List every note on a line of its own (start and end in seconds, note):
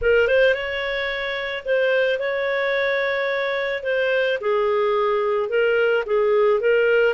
0.01 0.27 A#4
0.27 0.54 C5
0.54 1.64 C#5
1.65 2.19 C5
2.19 3.83 C#5
3.83 4.38 C5
4.40 5.49 G#4
5.49 6.04 A#4
6.06 6.60 G#4
6.60 7.14 A#4